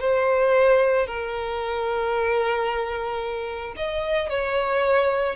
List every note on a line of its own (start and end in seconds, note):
0.00 1.07 C5
1.07 3.75 A#4
3.76 4.30 D#5
4.30 5.36 C#5